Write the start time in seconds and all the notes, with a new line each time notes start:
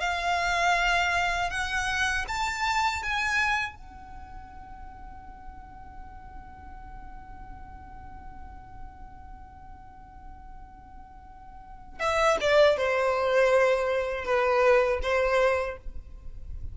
0.00 F5
1.50 F#5
2.28 A5
3.03 G#5
3.76 F#5
12.00 E5
12.41 D5
12.77 C5
14.25 B4
15.02 C5